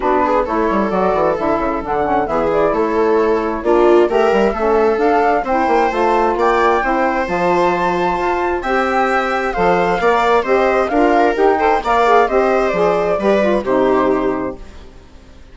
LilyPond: <<
  \new Staff \with { instrumentName = "flute" } { \time 4/4 \tempo 4 = 132 b'4 cis''4 d''4 e''4 | fis''4 e''8 d''8 cis''2 | d''4 e''2 f''4 | g''4 a''4 g''2 |
a''2. g''4~ | g''4 f''2 dis''4 | f''4 g''4 f''4 dis''4 | d''2 c''2 | }
  \new Staff \with { instrumentName = "viola" } { \time 4/4 fis'8 gis'8 a'2.~ | a'4 gis'4 a'2 | f'4 ais'4 a'2 | c''2 d''4 c''4~ |
c''2. e''4~ | e''4 c''4 d''4 c''4 | ais'4. c''8 d''4 c''4~ | c''4 b'4 g'2 | }
  \new Staff \with { instrumentName = "saxophone" } { \time 4/4 d'4 e'4 fis'4 e'4 | d'8 cis'8 b8 e'2~ e'8 | d'4 g'4 cis'4 d'4 | e'4 f'2 e'4 |
f'2. g'4~ | g'4 a'4 ais'4 g'4 | f'4 g'8 a'8 ais'8 gis'8 g'4 | gis'4 g'8 f'8 dis'2 | }
  \new Staff \with { instrumentName = "bassoon" } { \time 4/4 b4 a8 g8 fis8 e8 d8 cis8 | d4 e4 a2 | ais4 a8 g8 a4 d'4 | c'8 ais8 a4 ais4 c'4 |
f2 f'4 c'4~ | c'4 f4 ais4 c'4 | d'4 dis'4 ais4 c'4 | f4 g4 c2 | }
>>